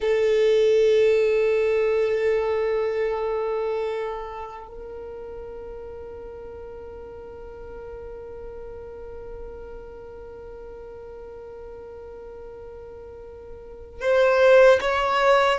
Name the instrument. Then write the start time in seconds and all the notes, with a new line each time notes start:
violin
0.00 A4
4.68 A#4
14.01 C5
14.81 C#5